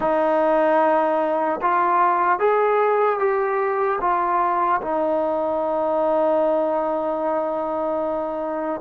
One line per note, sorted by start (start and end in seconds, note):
0.00 1.60 D#4
1.61 2.39 F4
2.39 3.19 G#4
3.19 3.99 G4
4.00 4.80 F4
4.81 8.81 D#4